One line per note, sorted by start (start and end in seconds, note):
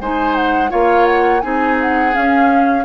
0.00 0.71 G#3
0.00 0.69 D#4
0.00 0.71 C5
0.00 0.35 G#5
0.35 0.71 F#5
0.69 1.44 A#3
0.69 1.41 F4
0.69 1.42 C#5
0.69 1.05 F5
1.05 1.40 F#5
1.40 2.15 C4
1.40 2.13 D#4
1.40 2.85 G#4
1.40 1.76 G#5
1.81 2.15 F#5
2.13 2.84 C#4
2.13 2.85 C#4
2.13 2.85 F5